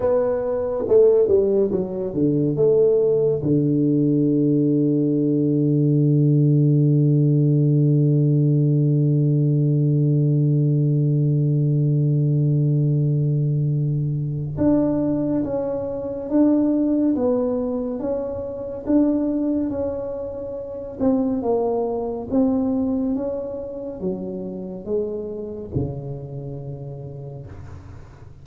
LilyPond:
\new Staff \with { instrumentName = "tuba" } { \time 4/4 \tempo 4 = 70 b4 a8 g8 fis8 d8 a4 | d1~ | d1~ | d1~ |
d4 d'4 cis'4 d'4 | b4 cis'4 d'4 cis'4~ | cis'8 c'8 ais4 c'4 cis'4 | fis4 gis4 cis2 | }